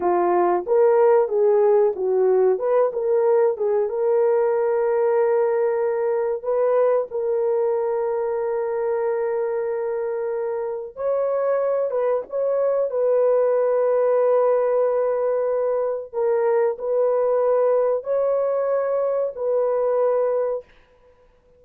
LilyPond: \new Staff \with { instrumentName = "horn" } { \time 4/4 \tempo 4 = 93 f'4 ais'4 gis'4 fis'4 | b'8 ais'4 gis'8 ais'2~ | ais'2 b'4 ais'4~ | ais'1~ |
ais'4 cis''4. b'8 cis''4 | b'1~ | b'4 ais'4 b'2 | cis''2 b'2 | }